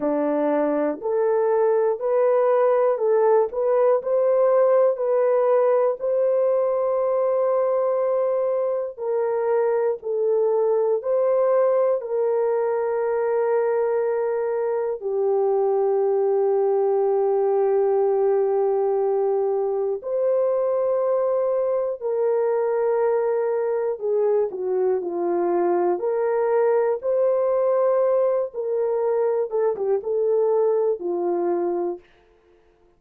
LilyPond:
\new Staff \with { instrumentName = "horn" } { \time 4/4 \tempo 4 = 60 d'4 a'4 b'4 a'8 b'8 | c''4 b'4 c''2~ | c''4 ais'4 a'4 c''4 | ais'2. g'4~ |
g'1 | c''2 ais'2 | gis'8 fis'8 f'4 ais'4 c''4~ | c''8 ais'4 a'16 g'16 a'4 f'4 | }